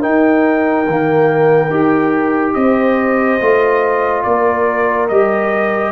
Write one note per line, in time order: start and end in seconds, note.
0.00 0.86 D#4
0.00 2.54 A#4
0.00 2.54 G5
0.86 1.70 D#3
0.86 1.70 A#3
1.70 2.54 D#4
1.70 3.39 G4
2.54 3.40 C4
2.54 4.26 C5
2.54 4.23 D#5
3.40 4.25 A3
3.40 5.10 F4
4.23 5.10 A#3
4.23 5.92 A#4
4.23 5.07 D5
5.08 5.92 G3
5.08 5.92 G4
5.08 5.92 D#5